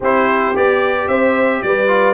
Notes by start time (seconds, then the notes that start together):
0.00 C4 E4 G4 C5
0.55 B3 G4 D5
1.08 C4 C5 E5
1.62 G3 B4 D5
1.87 F4